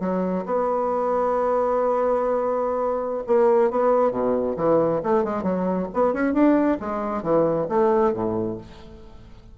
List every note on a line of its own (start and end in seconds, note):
0.00 0.44 F#3
0.46 3.23 B3
3.27 3.71 A#3
3.71 4.11 B3
4.11 4.55 B2
4.57 5.01 E3
5.03 5.24 A3
5.24 5.43 G#3
5.43 5.87 F#3
5.94 6.13 B3
6.13 6.34 C#4
6.34 6.78 D4
6.80 7.23 G#3
7.23 7.67 E3
7.69 8.13 A3
8.13 8.58 A2